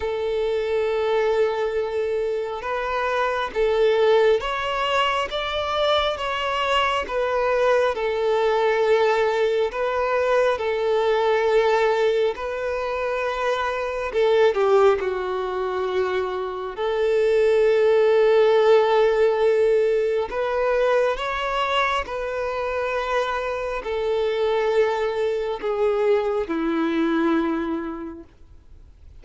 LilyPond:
\new Staff \with { instrumentName = "violin" } { \time 4/4 \tempo 4 = 68 a'2. b'4 | a'4 cis''4 d''4 cis''4 | b'4 a'2 b'4 | a'2 b'2 |
a'8 g'8 fis'2 a'4~ | a'2. b'4 | cis''4 b'2 a'4~ | a'4 gis'4 e'2 | }